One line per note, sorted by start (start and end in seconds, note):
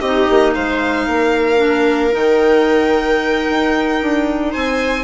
0.00 0.27 C4
0.00 1.57 D#4
0.00 0.53 G4
0.00 0.53 D#5
0.29 0.56 A#3
0.54 1.08 G#3
0.54 1.07 C5
0.54 2.14 F5
1.07 2.14 A#3
1.07 4.51 A#4
1.57 2.10 D4
2.11 3.47 D#3
2.11 5.03 D#4
2.11 4.53 G5
3.50 4.02 D#4
4.02 4.55 D4
4.51 5.04 C4
4.51 5.04 C5
4.51 5.04 G#5